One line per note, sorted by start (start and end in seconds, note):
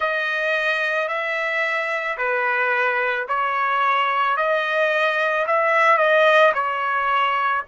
0.00 1.08 D#5
1.08 2.17 E5
2.17 3.26 B4
3.28 4.36 C#5
4.36 5.45 D#5
5.46 5.97 E5
5.97 6.52 D#5
6.54 7.63 C#5